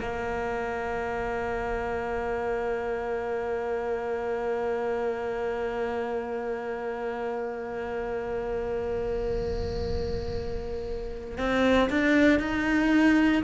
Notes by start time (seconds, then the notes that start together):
0.00 A#3
11.37 C4
11.90 D4
12.39 D#4